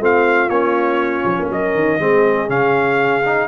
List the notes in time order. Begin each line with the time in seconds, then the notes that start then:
0.00 A3 C4 F4 F5
0.50 A#3 C#4 C#5
1.25 F3
1.39 A#3
1.50 F#3 A#4 D#5
1.75 D#3
1.99 G#3 C4 G#4
2.48 C#3 C#4 F5
3.25 D#4